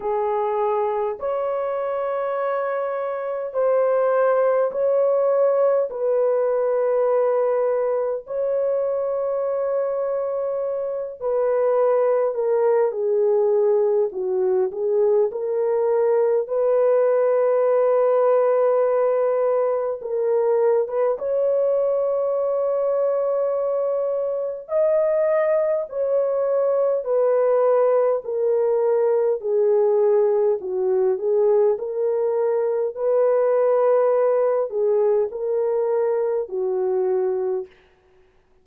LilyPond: \new Staff \with { instrumentName = "horn" } { \time 4/4 \tempo 4 = 51 gis'4 cis''2 c''4 | cis''4 b'2 cis''4~ | cis''4. b'4 ais'8 gis'4 | fis'8 gis'8 ais'4 b'2~ |
b'4 ais'8. b'16 cis''2~ | cis''4 dis''4 cis''4 b'4 | ais'4 gis'4 fis'8 gis'8 ais'4 | b'4. gis'8 ais'4 fis'4 | }